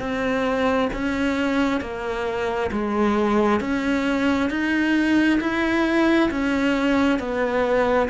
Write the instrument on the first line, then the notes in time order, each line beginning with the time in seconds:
cello
0.00 C4
0.94 C#4
1.82 A#3
2.72 G#3
3.61 C#4
4.51 D#4
5.41 E4
6.31 C#4
7.20 B3